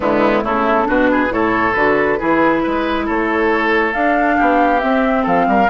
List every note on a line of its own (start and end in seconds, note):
0.00 0.41 D3
0.00 0.43 G#3
0.00 0.43 B3
0.00 0.45 E4
0.43 0.87 C#3
0.43 0.85 A3
0.43 0.87 E4
0.43 0.89 A4
0.85 1.30 B2
0.85 1.28 D4
0.85 1.10 F#4
0.85 1.32 B4
1.11 1.33 G#4
1.29 1.74 A2
1.29 1.73 E4
1.29 2.19 A4
1.29 1.73 C#5
1.73 2.19 D3
1.73 2.18 F#4
1.73 3.05 B4
2.18 2.65 E3
2.18 3.93 E4
2.18 2.62 G#4
2.63 3.09 G#3
2.63 3.05 B4
3.05 3.93 A3
3.05 4.36 A4
3.05 3.92 C#5
3.92 4.80 D4
3.92 4.37 D4
3.92 4.80 F5
4.37 4.83 B3
4.37 5.22 G4
4.80 5.68 C4
4.80 5.26 C4
4.80 5.23 E5
5.22 5.47 F3
5.22 5.44 A4
5.22 5.69 F5
5.47 5.69 G3
5.47 5.69 A#4